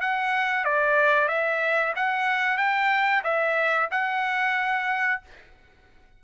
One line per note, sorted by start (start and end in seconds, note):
0.00 0.64 F#5
0.64 1.28 D5
1.28 1.93 E5
1.96 2.57 F#5
2.57 3.22 G5
3.23 3.89 E5
3.91 5.21 F#5